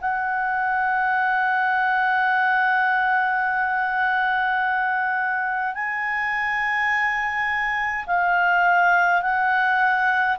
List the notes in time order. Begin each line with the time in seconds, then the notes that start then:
0.00 F#5
5.74 G#5
8.06 F5
9.22 F#5